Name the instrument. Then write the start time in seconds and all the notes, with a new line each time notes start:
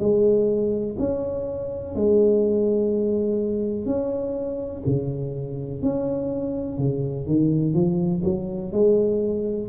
tuba
0.00 G#3
0.99 C#4
1.96 G#3
3.86 C#4
4.87 C#3
5.82 C#4
6.79 C#3
7.27 D#3
7.75 F3
8.24 F#3
8.72 G#3